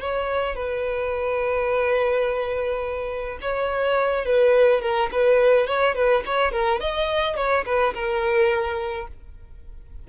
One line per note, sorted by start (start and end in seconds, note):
0.00 0.55 C#5
0.55 3.38 B4
3.41 4.25 C#5
4.25 4.81 B4
4.81 5.09 A#4
5.12 5.67 B4
5.67 5.95 C#5
5.95 6.23 B4
6.26 6.51 C#5
6.51 6.80 A#4
6.80 7.36 D#5
7.36 7.64 C#5
7.65 7.93 B4
7.94 9.07 A#4